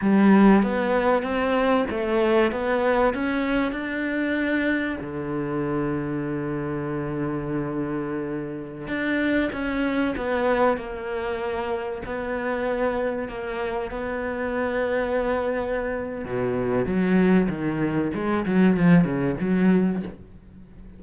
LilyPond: \new Staff \with { instrumentName = "cello" } { \time 4/4 \tempo 4 = 96 g4 b4 c'4 a4 | b4 cis'4 d'2 | d1~ | d2~ d16 d'4 cis'8.~ |
cis'16 b4 ais2 b8.~ | b4~ b16 ais4 b4.~ b16~ | b2 b,4 fis4 | dis4 gis8 fis8 f8 cis8 fis4 | }